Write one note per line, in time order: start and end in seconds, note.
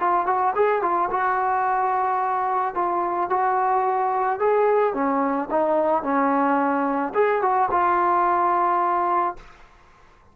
0.00 0.27 F4
0.27 0.54 F#4
0.56 0.82 G#4
0.82 1.10 F4
1.11 2.75 F#4
2.75 3.30 F4
3.30 4.40 F#4
4.40 4.94 G#4
4.94 5.49 C#4
5.51 6.04 D#4
6.04 7.14 C#4
7.15 7.42 G#4
7.42 7.70 F#4
7.71 9.37 F4